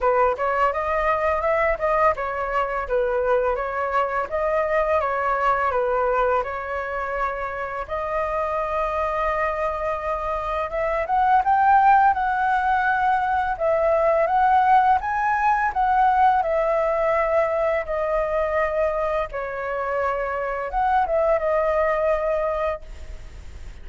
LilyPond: \new Staff \with { instrumentName = "flute" } { \time 4/4 \tempo 4 = 84 b'8 cis''8 dis''4 e''8 dis''8 cis''4 | b'4 cis''4 dis''4 cis''4 | b'4 cis''2 dis''4~ | dis''2. e''8 fis''8 |
g''4 fis''2 e''4 | fis''4 gis''4 fis''4 e''4~ | e''4 dis''2 cis''4~ | cis''4 fis''8 e''8 dis''2 | }